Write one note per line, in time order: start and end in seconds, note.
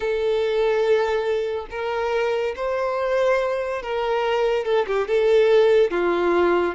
0.00 1.66 A4
1.70 2.54 A#4
2.56 3.82 C5
3.82 4.64 A#4
4.64 4.86 A4
4.86 5.07 G4
5.07 5.90 A4
5.90 6.74 F4